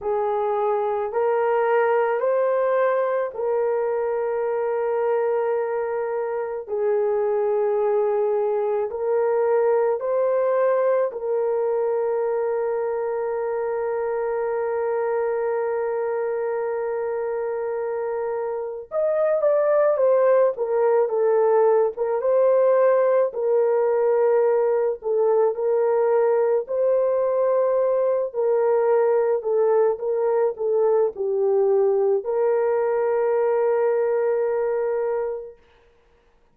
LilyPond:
\new Staff \with { instrumentName = "horn" } { \time 4/4 \tempo 4 = 54 gis'4 ais'4 c''4 ais'4~ | ais'2 gis'2 | ais'4 c''4 ais'2~ | ais'1~ |
ais'4 dis''8 d''8 c''8 ais'8 a'8. ais'16 | c''4 ais'4. a'8 ais'4 | c''4. ais'4 a'8 ais'8 a'8 | g'4 ais'2. | }